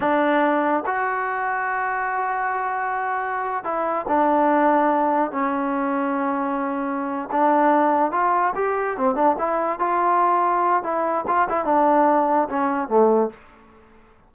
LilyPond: \new Staff \with { instrumentName = "trombone" } { \time 4/4 \tempo 4 = 144 d'2 fis'2~ | fis'1~ | fis'8. e'4 d'2~ d'16~ | d'8. cis'2.~ cis'16~ |
cis'4. d'2 f'8~ | f'8 g'4 c'8 d'8 e'4 f'8~ | f'2 e'4 f'8 e'8 | d'2 cis'4 a4 | }